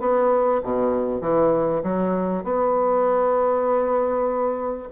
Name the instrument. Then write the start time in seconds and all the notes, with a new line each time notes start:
bassoon
0.00 B3
0.63 B2
1.22 E3
1.84 F#3
2.44 B3